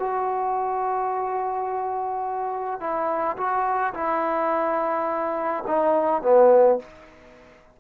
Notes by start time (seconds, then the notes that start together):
0.00 F#4
2.80 E4
3.38 F#4
3.94 E4
5.68 D#4
6.23 B3